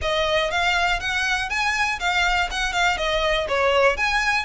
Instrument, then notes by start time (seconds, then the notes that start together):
violin
0.01 D#5
0.50 F5
1.00 F#5
1.49 G#5
1.99 F5
2.50 F#5
2.73 F5
2.97 D#5
3.48 C#5
3.96 G#5